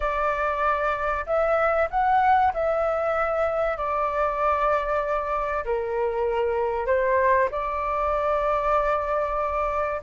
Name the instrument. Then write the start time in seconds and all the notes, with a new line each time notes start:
flute
0.00 D5
1.26 E5
1.90 F#5
2.53 E5
3.77 D5
5.64 A#4
6.86 C5
7.51 D5